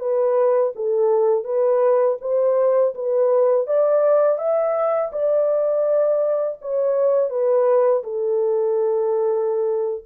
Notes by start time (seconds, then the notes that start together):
0.00 B4
0.75 A4
1.44 B4
2.21 C5
2.95 B4
3.68 D5
4.39 E5
5.13 D5
6.62 C#5
7.30 B4
8.04 A4